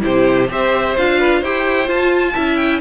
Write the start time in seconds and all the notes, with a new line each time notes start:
0.00 C3 E4 G4 C5
0.49 C4 G4 C5 E5
0.97 D4 F4 F5
1.19 B4
1.39 E4 G4 C5 G5
1.85 F4 A5
2.33 C#4 E4 E5
2.56 G5